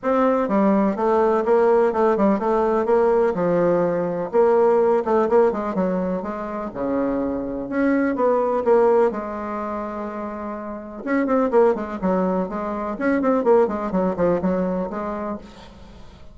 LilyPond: \new Staff \with { instrumentName = "bassoon" } { \time 4/4 \tempo 4 = 125 c'4 g4 a4 ais4 | a8 g8 a4 ais4 f4~ | f4 ais4. a8 ais8 gis8 | fis4 gis4 cis2 |
cis'4 b4 ais4 gis4~ | gis2. cis'8 c'8 | ais8 gis8 fis4 gis4 cis'8 c'8 | ais8 gis8 fis8 f8 fis4 gis4 | }